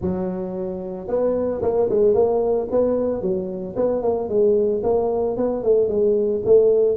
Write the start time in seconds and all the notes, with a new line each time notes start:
0.01 F#3
1.07 B3
1.62 A#3
1.89 G#3
2.14 A#3
2.70 B3
3.21 F#3
3.76 B3
4.02 A#3
4.29 G#3
4.83 A#3
5.36 B3
5.63 A3
5.88 G#3
6.45 A3